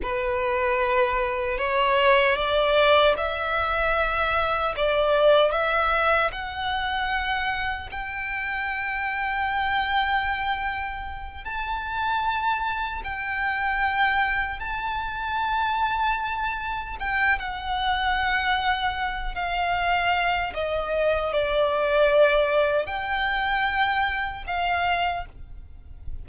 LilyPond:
\new Staff \with { instrumentName = "violin" } { \time 4/4 \tempo 4 = 76 b'2 cis''4 d''4 | e''2 d''4 e''4 | fis''2 g''2~ | g''2~ g''8 a''4.~ |
a''8 g''2 a''4.~ | a''4. g''8 fis''2~ | fis''8 f''4. dis''4 d''4~ | d''4 g''2 f''4 | }